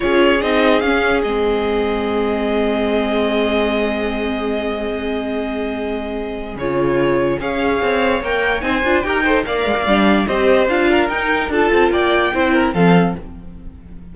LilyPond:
<<
  \new Staff \with { instrumentName = "violin" } { \time 4/4 \tempo 4 = 146 cis''4 dis''4 f''4 dis''4~ | dis''1~ | dis''1~ | dis''1 |
cis''2 f''2 | g''4 gis''4 g''4 f''4~ | f''4 dis''4 f''4 g''4 | a''4 g''2 f''4 | }
  \new Staff \with { instrumentName = "violin" } { \time 4/4 gis'1~ | gis'1~ | gis'1~ | gis'1~ |
gis'2 cis''2~ | cis''4 c''4 ais'8 c''8 d''4~ | d''4 c''4. ais'4. | a'4 d''4 c''8 ais'8 a'4 | }
  \new Staff \with { instrumentName = "viola" } { \time 4/4 f'4 dis'4 cis'4 c'4~ | c'1~ | c'1~ | c'1 |
f'2 gis'2 | ais'4 dis'8 f'8 g'8 a'8 ais'4 | d'4 g'4 f'4 dis'4 | f'2 e'4 c'4 | }
  \new Staff \with { instrumentName = "cello" } { \time 4/4 cis'4 c'4 cis'4 gis4~ | gis1~ | gis1~ | gis1 |
cis2 cis'4 c'4 | ais4 c'8 d'8 dis'4 ais8 gis16 ais16 | g4 c'4 d'4 dis'4 | d'8 c'8 ais4 c'4 f4 | }
>>